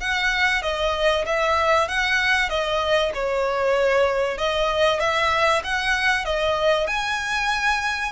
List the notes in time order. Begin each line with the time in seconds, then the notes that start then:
0.00 F#5
0.62 D#5
1.26 E5
1.88 F#5
2.49 D#5
3.14 C#5
4.38 D#5
5.00 E5
5.64 F#5
6.25 D#5
6.87 G#5